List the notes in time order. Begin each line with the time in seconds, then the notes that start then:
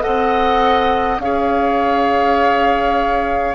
0.00 C4 A4 D#5 F#5
1.18 C#4 G#4 C#5 F5